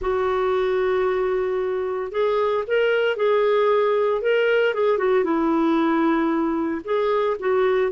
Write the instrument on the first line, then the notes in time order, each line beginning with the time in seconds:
clarinet
0.01 F#4
2.11 G#4
2.67 A#4
3.16 G#4
4.21 A#4
4.74 G#4
4.98 F#4
5.23 E4
6.84 G#4
7.39 F#4